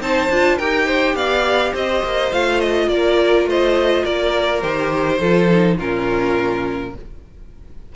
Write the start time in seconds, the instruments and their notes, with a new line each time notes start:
0.00 cello C4, viola D#4, violin C5 A5
0.30 cello D4, viola F4
0.57 cello D#4, viola G4, violin A#4 G5
0.85 violin C5
1.14 cello B3, violin D5 F5
1.72 cello C4, violin C5 D#5
2.03 cello A#3
2.32 cello A3, viola F4, violin F5
2.60 violin D#5
2.88 cello A#3, violin A#4 D5
3.45 cello A3, violin C5 D#5
4.04 cello A#3, violin A#4 D5
4.61 cello D#3, viola G4, violin C5
5.19 cello F3, viola F4, violin A4
5.50 viola D#4
5.77 cello A#2, viola C#4, violin F4 A#4